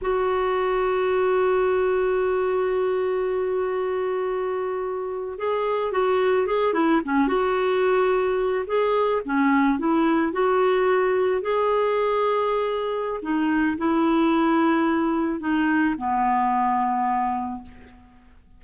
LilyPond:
\new Staff \with { instrumentName = "clarinet" } { \time 4/4 \tempo 4 = 109 fis'1~ | fis'1~ | fis'4.~ fis'16 gis'4 fis'4 gis'16~ | gis'16 e'8 cis'8 fis'2~ fis'8 gis'16~ |
gis'8. cis'4 e'4 fis'4~ fis'16~ | fis'8. gis'2.~ gis'16 | dis'4 e'2. | dis'4 b2. | }